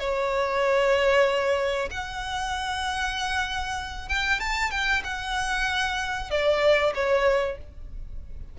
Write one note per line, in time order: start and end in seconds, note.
0.00 1.89 C#5
1.91 4.09 F#5
4.09 4.40 G5
4.40 4.71 A5
4.71 5.03 G5
5.04 6.31 F#5
6.31 6.94 D5
6.95 7.58 C#5